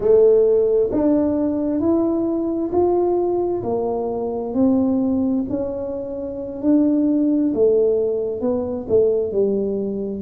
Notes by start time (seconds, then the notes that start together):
0.00 A3
0.91 D4
1.79 E4
2.71 F4
3.63 A#3
4.53 C4
5.49 C#4
6.61 D4
7.53 A3
8.40 B3
8.88 A3
9.32 G3